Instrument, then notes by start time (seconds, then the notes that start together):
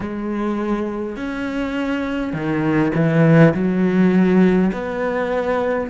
cello
0.00 G#3
1.16 C#4
2.33 D#3
2.94 E3
3.53 F#3
4.72 B3